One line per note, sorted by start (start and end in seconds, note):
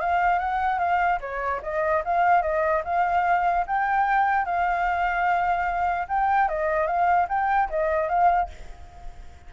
0.00 0.39 F5
0.39 0.79 F#5
0.79 1.20 F5
1.21 1.61 C#5
1.63 2.03 D#5
2.05 2.42 F5
2.42 2.83 D#5
2.85 3.66 F5
3.67 4.45 G5
4.45 6.08 F5
6.08 6.49 G5
6.49 6.87 D#5
6.87 7.28 F5
7.29 7.69 G5
7.70 8.09 D#5
8.09 8.50 F5